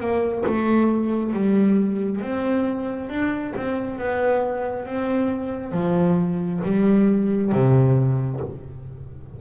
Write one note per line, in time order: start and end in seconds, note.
0.00 0.44 A#3
0.46 1.34 A3
1.34 2.22 G3
2.22 3.09 C4
3.09 3.53 D4
3.57 3.99 C4
3.99 4.86 B3
4.86 5.72 C4
5.72 6.61 F3
6.64 7.52 G3
7.52 8.41 C3